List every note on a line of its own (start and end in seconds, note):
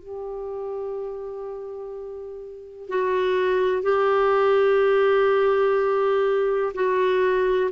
0.00 2.90 G4
2.90 3.83 F#4
3.83 6.73 G4
6.74 7.71 F#4